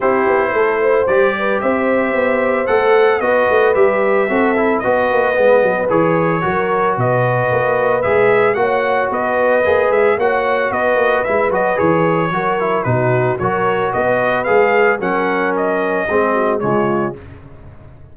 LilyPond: <<
  \new Staff \with { instrumentName = "trumpet" } { \time 4/4 \tempo 4 = 112 c''2 d''4 e''4~ | e''4 fis''4 dis''4 e''4~ | e''4 dis''2 cis''4~ | cis''4 dis''2 e''4 |
fis''4 dis''4. e''8 fis''4 | dis''4 e''8 dis''8 cis''2 | b'4 cis''4 dis''4 f''4 | fis''4 dis''2 cis''4 | }
  \new Staff \with { instrumentName = "horn" } { \time 4/4 g'4 a'8 c''4 b'8 c''4~ | c''2 b'2 | a'4 b'2. | ais'4 b'2. |
cis''4 b'2 cis''4 | b'2. ais'4 | fis'4 ais'4 b'2 | ais'2 gis'8 fis'8 f'4 | }
  \new Staff \with { instrumentName = "trombone" } { \time 4/4 e'2 g'2~ | g'4 a'4 fis'4 g'4 | fis'8 e'8 fis'4 b4 gis'4 | fis'2. gis'4 |
fis'2 gis'4 fis'4~ | fis'4 e'8 fis'8 gis'4 fis'8 e'8 | dis'4 fis'2 gis'4 | cis'2 c'4 gis4 | }
  \new Staff \with { instrumentName = "tuba" } { \time 4/4 c'8 b8 a4 g4 c'4 | b4 a4 b8 a8 g4 | c'4 b8 ais8 gis8 fis8 e4 | fis4 b,4 ais4 gis4 |
ais4 b4 ais8 gis8 ais4 | b8 ais8 gis8 fis8 e4 fis4 | b,4 fis4 b4 gis4 | fis2 gis4 cis4 | }
>>